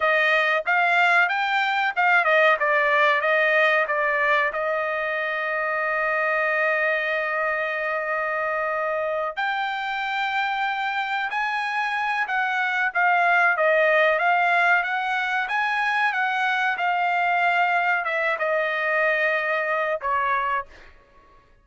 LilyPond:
\new Staff \with { instrumentName = "trumpet" } { \time 4/4 \tempo 4 = 93 dis''4 f''4 g''4 f''8 dis''8 | d''4 dis''4 d''4 dis''4~ | dis''1~ | dis''2~ dis''8 g''4.~ |
g''4. gis''4. fis''4 | f''4 dis''4 f''4 fis''4 | gis''4 fis''4 f''2 | e''8 dis''2~ dis''8 cis''4 | }